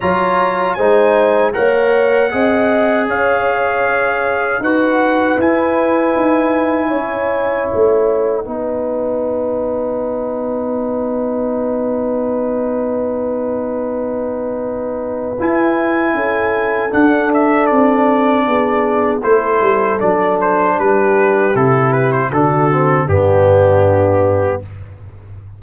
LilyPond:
<<
  \new Staff \with { instrumentName = "trumpet" } { \time 4/4 \tempo 4 = 78 ais''4 gis''4 fis''2 | f''2 fis''4 gis''4~ | gis''2 fis''2~ | fis''1~ |
fis''1 | gis''2 fis''8 e''8 d''4~ | d''4 c''4 d''8 c''8 b'4 | a'8 b'16 c''16 a'4 g'2 | }
  \new Staff \with { instrumentName = "horn" } { \time 4/4 cis''4 c''4 cis''4 dis''4 | cis''2 b'2~ | b'4 cis''2 b'4~ | b'1~ |
b'1~ | b'4 a'2. | gis'4 a'2 g'4~ | g'4 fis'4 d'2 | }
  \new Staff \with { instrumentName = "trombone" } { \time 4/4 f'4 dis'4 ais'4 gis'4~ | gis'2 fis'4 e'4~ | e'2. dis'4~ | dis'1~ |
dis'1 | e'2 d'2~ | d'4 e'4 d'2 | e'4 d'8 c'8 b2 | }
  \new Staff \with { instrumentName = "tuba" } { \time 4/4 fis4 gis4 ais4 c'4 | cis'2 dis'4 e'4 | dis'4 cis'4 a4 b4~ | b1~ |
b1 | e'4 cis'4 d'4 c'4 | b4 a8 g8 fis4 g4 | c4 d4 g,2 | }
>>